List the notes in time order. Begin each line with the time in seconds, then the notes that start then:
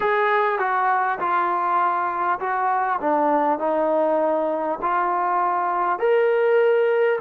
0.00 G#4
0.58 F#4
1.19 F4
2.39 F#4
3.00 D4
3.58 D#4
4.81 F4
5.99 A#4